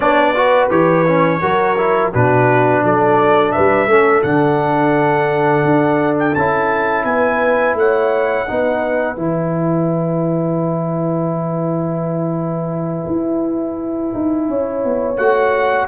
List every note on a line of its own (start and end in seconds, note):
0.00 0.69 B3
0.00 0.35 D4
0.00 0.34 C#5
0.00 0.68 D5
0.35 0.70 F#4
0.35 1.41 B4
0.69 1.40 E3
0.69 1.05 G4
0.69 2.11 C#5
1.07 1.41 C#4
1.41 2.12 F#3
1.41 1.76 F#4
1.41 2.11 A#4
1.77 2.12 E4
2.12 2.83 B2
2.12 3.89 D4
2.12 2.82 F#4
2.12 2.84 B4
2.83 3.54 F#3
2.83 3.54 A4
2.83 3.51 D5
3.51 3.89 B4
3.51 4.22 E5
3.58 3.86 G3
3.86 4.22 A3
3.86 4.23 C#4
3.86 7.06 A4
4.22 5.64 D3
4.22 6.35 D4
4.22 6.16 F#5
5.64 6.35 D4
6.19 6.35 G5
6.35 7.04 C#4
6.35 8.46 E4
6.35 7.05 A5
7.04 7.74 B3
7.04 7.77 B4
7.04 7.75 G#5
7.74 8.45 A3
7.74 8.48 C#5
7.74 9.17 F#5
8.46 9.16 B3
8.46 9.15 D#4
8.46 14.48 B4
9.15 13.05 E3
9.15 15.15 E4
9.15 15.16 G#5
13.06 14.12 E4
14.14 14.49 D#4
14.49 14.84 C#4
14.49 15.88 C#5
14.84 15.17 B3
15.16 15.87 A3
15.16 15.88 F#4
15.16 15.87 F#5